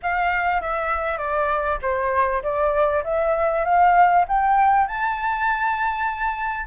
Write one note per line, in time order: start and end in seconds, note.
0.02 0.61 F5
0.61 1.18 E5
1.18 1.78 D5
1.82 2.42 C5
2.42 3.03 D5
3.04 3.64 E5
3.64 4.25 F5
4.28 4.87 G5
4.87 6.66 A5